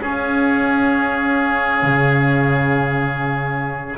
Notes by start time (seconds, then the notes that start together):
0.00 C#4 G#4 F5
1.83 C#3